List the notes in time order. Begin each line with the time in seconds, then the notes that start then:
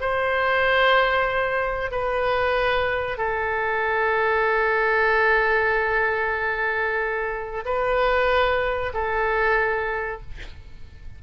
0.00 C5
1.91 B4
3.17 A4
7.65 B4
8.93 A4